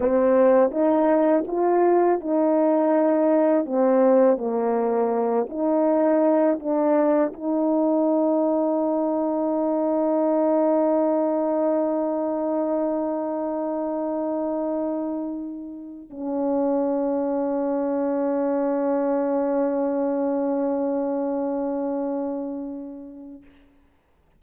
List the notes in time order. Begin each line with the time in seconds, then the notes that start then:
0.00 C4
0.71 D#4
1.47 F4
2.20 D#4
3.65 C4
4.37 A#3
5.49 D#4
6.59 D4
7.33 D#4
16.10 C#4